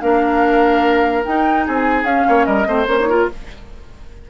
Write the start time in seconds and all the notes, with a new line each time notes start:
0.00 A#3 D4 A#4 F5
1.23 D#4 G5
1.66 C4 G#4 G#5
2.03 C#4 F5
2.27 A#3 C#5
2.45 G3 A#4 D#5
2.65 A3 C4 C5
2.87 A#3 C#4 C#5
3.00 D#4
3.09 F4 A#4